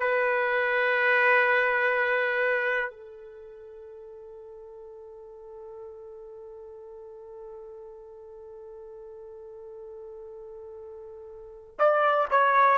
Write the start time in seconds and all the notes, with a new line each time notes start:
0.00 B4
2.91 A4
11.79 D5
12.31 C#5